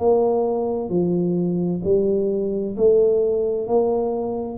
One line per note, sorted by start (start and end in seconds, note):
0.00 0.90 A#3
0.90 1.82 F3
1.84 2.77 G3
2.77 3.68 A3
3.68 4.58 A#3